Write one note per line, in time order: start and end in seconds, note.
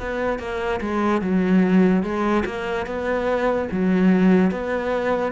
0.00 0.39 B3
0.39 0.80 A#3
0.81 1.21 G#3
1.21 2.03 F#3
2.03 2.44 G#3
2.45 2.86 A#3
2.86 3.68 B3
3.71 4.51 F#3
4.51 5.32 B3